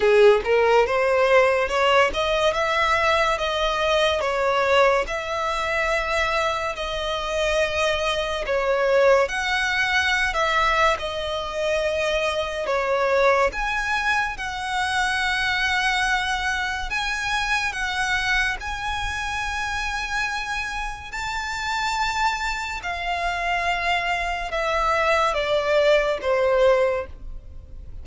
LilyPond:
\new Staff \with { instrumentName = "violin" } { \time 4/4 \tempo 4 = 71 gis'8 ais'8 c''4 cis''8 dis''8 e''4 | dis''4 cis''4 e''2 | dis''2 cis''4 fis''4~ | fis''16 e''8. dis''2 cis''4 |
gis''4 fis''2. | gis''4 fis''4 gis''2~ | gis''4 a''2 f''4~ | f''4 e''4 d''4 c''4 | }